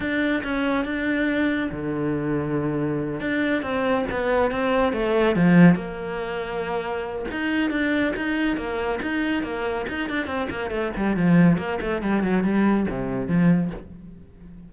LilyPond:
\new Staff \with { instrumentName = "cello" } { \time 4/4 \tempo 4 = 140 d'4 cis'4 d'2 | d2.~ d8 d'8~ | d'8 c'4 b4 c'4 a8~ | a8 f4 ais2~ ais8~ |
ais4 dis'4 d'4 dis'4 | ais4 dis'4 ais4 dis'8 d'8 | c'8 ais8 a8 g8 f4 ais8 a8 | g8 fis8 g4 c4 f4 | }